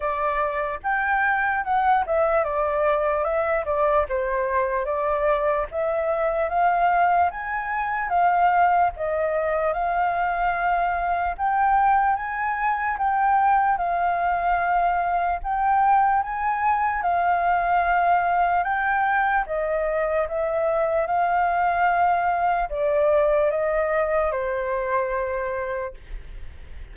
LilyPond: \new Staff \with { instrumentName = "flute" } { \time 4/4 \tempo 4 = 74 d''4 g''4 fis''8 e''8 d''4 | e''8 d''8 c''4 d''4 e''4 | f''4 gis''4 f''4 dis''4 | f''2 g''4 gis''4 |
g''4 f''2 g''4 | gis''4 f''2 g''4 | dis''4 e''4 f''2 | d''4 dis''4 c''2 | }